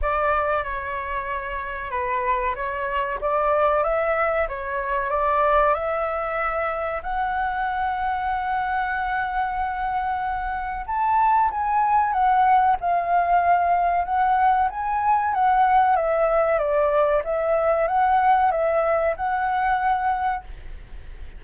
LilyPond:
\new Staff \with { instrumentName = "flute" } { \time 4/4 \tempo 4 = 94 d''4 cis''2 b'4 | cis''4 d''4 e''4 cis''4 | d''4 e''2 fis''4~ | fis''1~ |
fis''4 a''4 gis''4 fis''4 | f''2 fis''4 gis''4 | fis''4 e''4 d''4 e''4 | fis''4 e''4 fis''2 | }